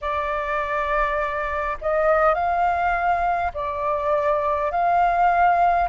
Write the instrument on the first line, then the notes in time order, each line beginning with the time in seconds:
flute
0.01 D5
1.81 D#5
2.34 F5
3.53 D5
4.71 F5